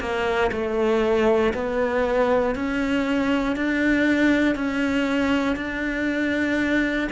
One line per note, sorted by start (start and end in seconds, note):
0.00 0.51 A#3
0.52 1.53 A3
1.54 2.56 B3
2.56 3.56 C#4
3.56 4.55 D4
4.55 5.56 C#4
5.56 7.09 D4